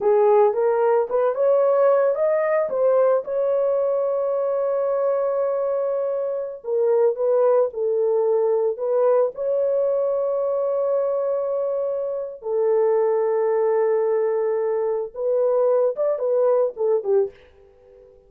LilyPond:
\new Staff \with { instrumentName = "horn" } { \time 4/4 \tempo 4 = 111 gis'4 ais'4 b'8 cis''4. | dis''4 c''4 cis''2~ | cis''1~ | cis''16 ais'4 b'4 a'4.~ a'16~ |
a'16 b'4 cis''2~ cis''8.~ | cis''2. a'4~ | a'1 | b'4. d''8 b'4 a'8 g'8 | }